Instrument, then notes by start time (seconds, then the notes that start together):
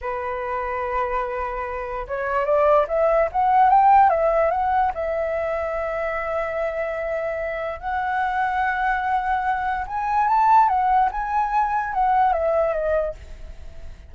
flute
0.01 B4
2.07 C#5
2.45 D5
2.88 E5
3.31 F#5
3.69 G5
4.09 E5
4.50 F#5
4.94 E5
7.80 F#5
9.87 G#5
10.27 A5
10.68 F#5
11.11 G#5
11.93 F#5
12.33 E5
12.73 D#5